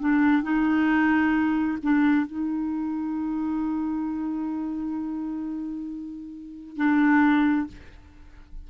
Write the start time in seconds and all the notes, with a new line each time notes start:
0.00 D4
0.43 D#4
1.83 D4
2.27 D#4
6.77 D4